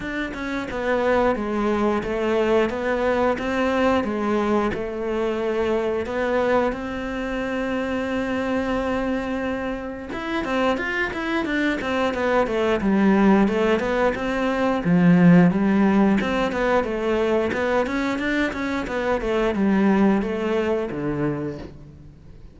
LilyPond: \new Staff \with { instrumentName = "cello" } { \time 4/4 \tempo 4 = 89 d'8 cis'8 b4 gis4 a4 | b4 c'4 gis4 a4~ | a4 b4 c'2~ | c'2. e'8 c'8 |
f'8 e'8 d'8 c'8 b8 a8 g4 | a8 b8 c'4 f4 g4 | c'8 b8 a4 b8 cis'8 d'8 cis'8 | b8 a8 g4 a4 d4 | }